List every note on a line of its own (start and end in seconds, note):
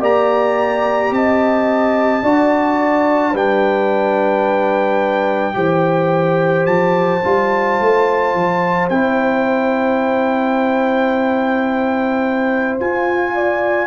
0.00 1.11 A#3
0.00 2.22 G4
0.00 1.12 D5
0.00 1.13 A#5
1.11 2.22 C4
1.11 2.23 D#5
1.11 3.35 A5
2.22 3.33 D4
2.22 3.34 F#4
2.22 3.31 D5
3.31 5.55 G3
3.31 5.53 D4
3.31 5.53 B4
3.31 6.66 G5
5.53 6.66 E3
5.53 7.20 G4
5.53 13.34 C5
6.66 7.21 F3
6.66 8.88 A5
7.23 7.80 G3
7.23 8.90 F4
7.80 8.34 A3
8.34 8.89 F3
8.89 12.78 C4
8.89 12.80 E4
8.89 12.78 G5
12.79 13.87 F4
12.79 13.87 G#5
13.34 13.87 D5